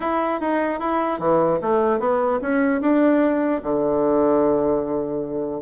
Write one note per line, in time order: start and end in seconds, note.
0.00 0.40 E4
0.40 0.79 D#4
0.79 1.19 E4
1.19 1.59 E3
1.61 1.99 A3
1.99 2.39 B3
2.41 2.81 C#4
2.81 3.61 D4
3.62 5.61 D3